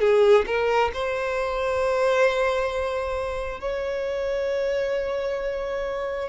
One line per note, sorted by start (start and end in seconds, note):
0.00 0.45 G#4
0.46 0.91 A#4
0.93 3.60 C5
3.60 6.28 C#5